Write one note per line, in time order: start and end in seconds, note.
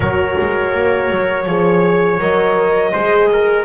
0.00 0.35 F#3
0.00 1.45 F#4
0.00 1.46 A#4
0.00 2.19 C#5
0.40 0.73 G#3
0.73 1.10 A#3
1.10 1.45 F#3
1.45 2.19 F3
1.45 2.19 G#4
1.45 2.91 C#5
2.19 2.92 F#3
2.19 2.93 A#4
2.19 3.65 D#5
2.91 3.65 G#3
2.91 3.65 G#4
2.91 3.28 C5
3.32 3.65 A#4